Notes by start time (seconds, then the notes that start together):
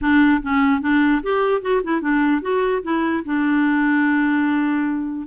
0.01 D4
0.42 C#4
0.81 D4
1.23 G4
1.61 F#4
1.83 E4
2.01 D4
2.41 F#4
2.82 E4
3.25 D4